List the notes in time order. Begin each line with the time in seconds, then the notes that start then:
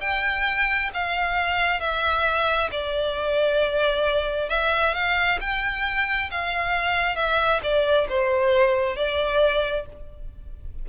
0.00 G5
0.93 F5
1.80 E5
2.71 D5
4.49 E5
4.94 F5
5.40 G5
6.31 F5
7.16 E5
7.62 D5
8.09 C5
8.96 D5